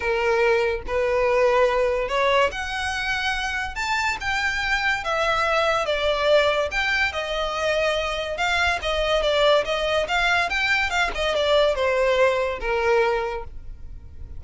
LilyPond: \new Staff \with { instrumentName = "violin" } { \time 4/4 \tempo 4 = 143 ais'2 b'2~ | b'4 cis''4 fis''2~ | fis''4 a''4 g''2 | e''2 d''2 |
g''4 dis''2. | f''4 dis''4 d''4 dis''4 | f''4 g''4 f''8 dis''8 d''4 | c''2 ais'2 | }